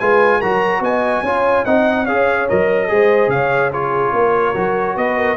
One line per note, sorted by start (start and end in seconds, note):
0.00 0.43 G#3
0.00 0.43 F4
0.00 0.39 B4
0.00 0.41 G#5
0.39 0.81 F#3
0.39 1.25 F#4
0.39 0.80 A#4
0.39 0.83 A#5
0.81 1.22 B3
0.81 1.24 D#5
0.81 1.65 G#5
1.22 1.64 C#4
1.22 1.66 F4
1.22 1.66 C#5
1.65 2.08 C4
1.65 2.07 D#4
1.65 2.05 D#5
1.65 2.06 F#5
2.05 2.50 C#4
2.05 2.49 G#4
2.05 2.88 C#5
2.05 2.48 F5
2.49 2.91 F#3
2.49 2.88 A#4
2.49 3.30 D#5
2.88 3.28 G#3
2.88 3.71 G#4
2.88 3.32 C5
3.28 4.11 C#3
3.28 3.72 C#5
3.28 3.71 F5
3.72 4.55 F4
3.72 4.13 G#4
3.72 4.97 C#5
4.13 4.55 A#3
4.13 4.97 A#4
4.55 4.96 F#3
4.55 5.37 F#4
4.96 5.37 B3
4.96 5.17 B4
4.96 5.37 D#5
5.17 5.37 A#4